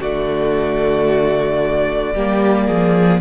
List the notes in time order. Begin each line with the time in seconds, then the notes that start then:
0.00 D3 A3 F#4 D5
2.14 G3 A#3 G4
2.66 F3 G#4